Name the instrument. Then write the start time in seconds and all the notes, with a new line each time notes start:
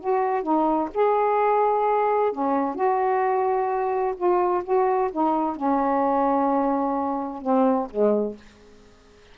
saxophone
0.00 F#4
0.42 D#4
0.94 G#4
2.32 C#4
2.75 F#4
4.17 F4
4.64 F#4
5.11 D#4
5.56 C#4
7.42 C4
7.90 G#3